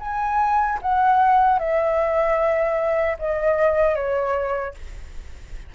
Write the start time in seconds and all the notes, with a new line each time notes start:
0.00 G#5
0.82 F#5
1.59 E5
3.19 D#5
3.95 C#5